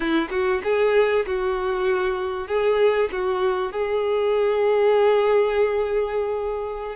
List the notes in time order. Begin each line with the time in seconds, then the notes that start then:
0.00 E4
0.30 F#4
0.63 G#4
1.26 F#4
2.47 G#4
3.12 F#4
3.72 G#4